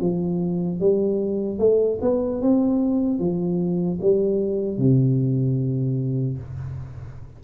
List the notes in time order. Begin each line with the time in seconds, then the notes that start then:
0.00 F3
0.80 G3
1.58 A3
2.01 B3
2.41 C4
3.19 F3
4.01 G3
4.78 C3